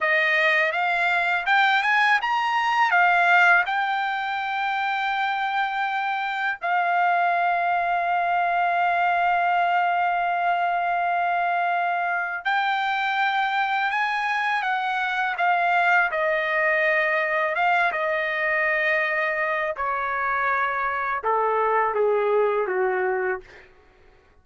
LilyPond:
\new Staff \with { instrumentName = "trumpet" } { \time 4/4 \tempo 4 = 82 dis''4 f''4 g''8 gis''8 ais''4 | f''4 g''2.~ | g''4 f''2.~ | f''1~ |
f''4 g''2 gis''4 | fis''4 f''4 dis''2 | f''8 dis''2~ dis''8 cis''4~ | cis''4 a'4 gis'4 fis'4 | }